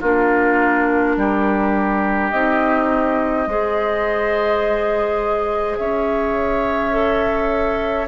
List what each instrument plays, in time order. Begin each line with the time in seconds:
0.00 bassoon A#3, clarinet D4, oboe F4, flute A#4
1.16 bassoon G3, oboe G4
2.30 bassoon C4, clarinet D#4, flute D#5
3.46 bassoon G#3, clarinet G#4, oboe C5
5.77 bassoon C#4, oboe C#5, flute E5
6.91 clarinet A4